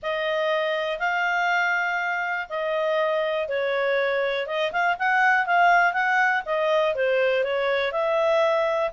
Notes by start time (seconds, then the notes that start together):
0.02 D#5
0.99 F5
2.49 D#5
3.48 C#5
4.47 D#5
4.72 F5
4.99 F#5
5.46 F5
5.93 F#5
6.45 D#5
6.95 C5
7.44 C#5
7.92 E5